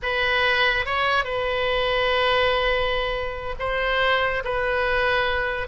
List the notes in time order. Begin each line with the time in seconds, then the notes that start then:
0.02 B4
0.85 C#5
1.24 B4
3.59 C5
4.44 B4